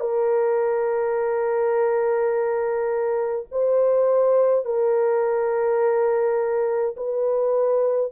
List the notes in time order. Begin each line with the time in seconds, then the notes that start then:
0.00 A#4
3.51 C5
4.65 A#4
6.97 B4